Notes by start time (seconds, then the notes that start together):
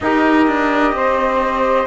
0.00 D#4 G4 A#4 D#5
0.47 D4
0.92 C4 C5